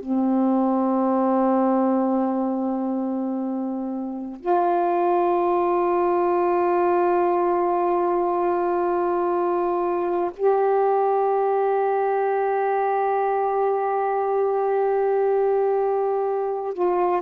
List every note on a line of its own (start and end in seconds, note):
0.00 4.40 C4
4.40 10.31 F4
10.37 16.74 G4
16.74 17.22 F4